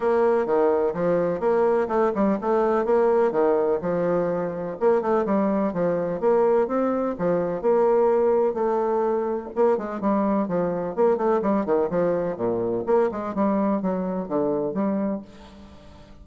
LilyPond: \new Staff \with { instrumentName = "bassoon" } { \time 4/4 \tempo 4 = 126 ais4 dis4 f4 ais4 | a8 g8 a4 ais4 dis4 | f2 ais8 a8 g4 | f4 ais4 c'4 f4 |
ais2 a2 | ais8 gis8 g4 f4 ais8 a8 | g8 dis8 f4 ais,4 ais8 gis8 | g4 fis4 d4 g4 | }